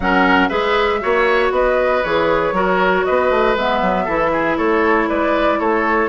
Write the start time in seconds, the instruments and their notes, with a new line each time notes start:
0.00 bassoon F#3, clarinet C#4, oboe A#4, flute F#5
0.48 bassoon G#3, clarinet G#4, oboe B4, flute E5
1.01 bassoon A#3, clarinet F#4, oboe C#5
1.50 bassoon B3, oboe B4, flute D#5
2.03 bassoon E3, clarinet G#4, flute C#5
2.52 bassoon F#3, clarinet F#4, oboe A#4
3.04 bassoon B3, oboe B4, flute D#5
3.30 bassoon A3
3.56 bassoon G#3, clarinet B3, flute E5
3.81 bassoon F#3
4.04 bassoon E3, clarinet E4, oboe A4
4.32 oboe G#4
4.57 bassoon A3, oboe A4, flute C#5
5.08 bassoon G#3, oboe B4, flute D5
5.59 bassoon A3, oboe A4, flute C#5